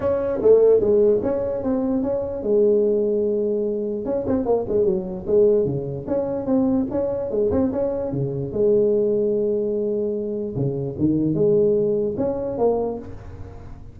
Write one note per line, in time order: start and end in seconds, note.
0.00 0.40 C#4
0.41 0.80 A3
0.80 1.21 G#3
1.22 1.63 C#4
1.63 2.03 C4
2.03 2.43 C#4
2.43 4.05 G#3
4.05 4.25 C#4
4.27 4.45 C4
4.45 4.65 A#3
4.68 4.85 G#3
4.85 5.25 F#3
5.26 5.65 G#3
5.65 6.05 C#3
6.07 6.46 C#4
6.46 6.86 C4
6.90 7.30 C#4
7.30 7.51 G#3
7.51 7.71 C4
7.72 8.12 C#4
8.12 8.52 C#3
8.52 10.55 G#3
10.55 10.96 C#3
10.98 11.34 D#3
11.34 12.15 G#3
12.17 12.57 C#4
12.57 12.98 A#3